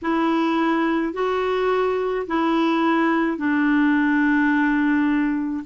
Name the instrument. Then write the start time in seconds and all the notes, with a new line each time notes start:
clarinet
0.02 E4
1.13 F#4
2.27 E4
3.37 D4